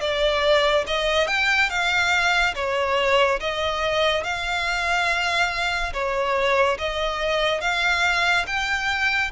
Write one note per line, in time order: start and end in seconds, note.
0.00 0.85 D5
0.86 1.27 D#5
1.27 1.69 G5
1.69 2.54 F5
2.55 3.39 C#5
3.40 4.23 D#5
4.23 5.92 F5
5.93 6.77 C#5
6.78 7.61 D#5
7.61 8.45 F5
8.47 9.31 G5